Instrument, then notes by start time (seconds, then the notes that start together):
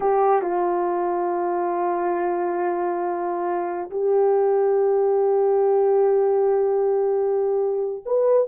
horn
0.00 G4
0.42 F4
3.90 G4
8.05 B4